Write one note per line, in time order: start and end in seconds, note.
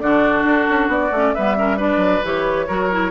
0.00 0.44 D3
0.00 1.12 D4
0.00 1.35 F#4
0.00 0.44 D5
0.44 0.67 D4
0.44 0.92 A4
0.69 0.88 C#4
0.88 1.10 B3
0.88 1.34 D5
1.11 1.34 A3
1.11 1.36 C#4
1.34 1.97 G3
1.34 1.57 B3
1.34 1.57 B4
1.34 1.79 E5
1.57 1.78 C#4
1.57 1.77 A#4
1.77 2.22 D4
1.77 2.66 B4
1.77 2.25 D5
1.97 2.19 F#3
2.24 2.68 E3
2.24 2.68 G4
2.24 3.11 C#5
2.67 3.11 F#3
2.67 2.90 F#4
2.67 3.11 A#4
2.91 3.11 E4